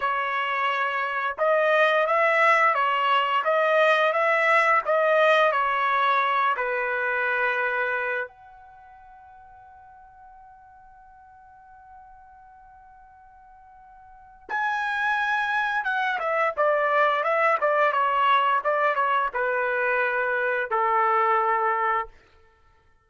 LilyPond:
\new Staff \with { instrumentName = "trumpet" } { \time 4/4 \tempo 4 = 87 cis''2 dis''4 e''4 | cis''4 dis''4 e''4 dis''4 | cis''4. b'2~ b'8 | fis''1~ |
fis''1~ | fis''4 gis''2 fis''8 e''8 | d''4 e''8 d''8 cis''4 d''8 cis''8 | b'2 a'2 | }